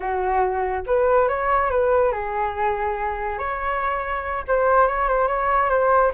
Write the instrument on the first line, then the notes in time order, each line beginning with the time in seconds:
flute
0.00 F#4
0.86 B4
1.28 C#5
1.70 B4
2.12 G#4
3.38 C#5
4.47 C5
4.87 C#5
5.08 C5
5.27 C#5
5.69 C5